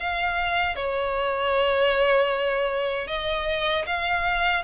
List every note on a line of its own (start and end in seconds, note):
0.00 0.76 F5
0.76 3.07 C#5
3.07 3.85 D#5
3.86 4.64 F5